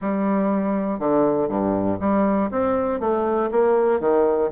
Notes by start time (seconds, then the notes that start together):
0.01 G3
0.99 D3
1.48 G2
2.00 G3
2.50 C4
3.00 A3
3.51 A#3
4.00 D#3